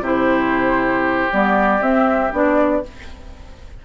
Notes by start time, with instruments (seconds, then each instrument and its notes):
0.00 bassoon C3, clarinet E4, oboe G4, flute C5
1.31 bassoon G3, clarinet B3, flute D5
1.81 bassoon C4, clarinet C4, flute E5
2.32 bassoon B3, clarinet D4, flute D5